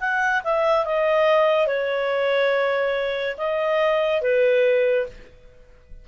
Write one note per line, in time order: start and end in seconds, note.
0.00 0.42 F#5
0.44 0.85 E5
0.85 1.67 D#5
1.67 3.36 C#5
3.38 4.22 D#5
4.22 5.06 B4